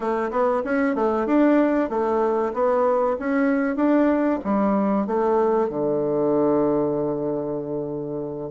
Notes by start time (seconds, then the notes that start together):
0.00 A3
0.30 B3
0.64 C#4
0.95 A3
1.26 D4
1.89 A3
2.53 B3
3.19 C#4
3.76 D4
4.44 G3
5.06 A3
5.69 D3